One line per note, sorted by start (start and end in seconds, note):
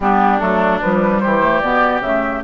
0.00 0.40 G3
0.00 0.40 B3
0.00 1.22 D4
0.00 0.39 G4
0.39 0.81 F#3
0.39 0.80 A3
0.39 0.80 A4
0.81 1.23 F3
0.81 1.41 G3
0.81 1.20 B4
1.20 1.62 E3
1.20 2.43 G4
1.20 1.60 C5
1.41 1.61 A3
1.60 2.00 B2
1.60 2.03 B3
1.60 2.01 D5
2.00 2.41 C#3
2.00 2.43 A3
2.00 2.42 E5